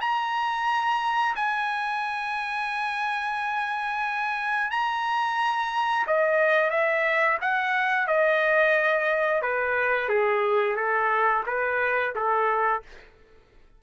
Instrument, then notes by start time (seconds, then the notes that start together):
trumpet
0.00 A#5
1.35 G#5
4.70 A#5
6.06 D#5
6.70 E5
7.41 F#5
8.07 D#5
9.42 B4
10.08 G#4
10.76 A4
11.46 B4
12.15 A4